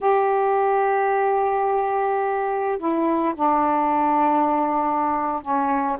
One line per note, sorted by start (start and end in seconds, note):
0.01 2.78 G4
2.78 3.33 E4
3.35 5.41 D4
5.41 5.97 C#4